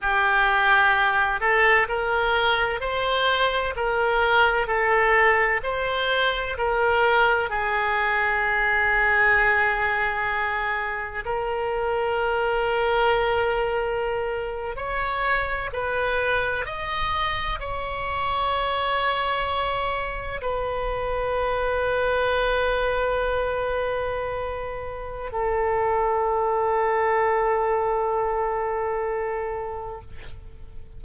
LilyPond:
\new Staff \with { instrumentName = "oboe" } { \time 4/4 \tempo 4 = 64 g'4. a'8 ais'4 c''4 | ais'4 a'4 c''4 ais'4 | gis'1 | ais'2.~ ais'8. cis''16~ |
cis''8. b'4 dis''4 cis''4~ cis''16~ | cis''4.~ cis''16 b'2~ b'16~ | b'2. a'4~ | a'1 | }